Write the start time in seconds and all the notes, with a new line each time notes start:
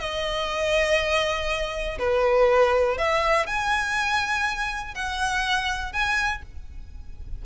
0.00 D#5
1.99 B4
2.98 E5
3.47 G#5
4.95 F#5
5.93 G#5